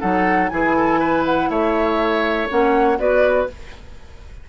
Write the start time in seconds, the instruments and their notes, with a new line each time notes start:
0.00 bassoon F#3, clarinet D#4, oboe A4, flute F#5
0.49 bassoon E3, clarinet E4, oboe G#4, flute G#5
0.76 oboe A4
1.00 oboe B4
1.26 flute F#5
1.50 bassoon A3, oboe C#5, flute E5
2.49 bassoon A#3, clarinet C#4, flute F#5
2.98 bassoon B3, clarinet F#4, oboe B4, flute D5